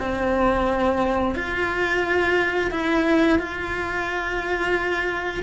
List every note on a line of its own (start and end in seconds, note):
0.00 1.35 C4
1.35 2.71 F4
2.71 3.39 E4
3.39 5.44 F4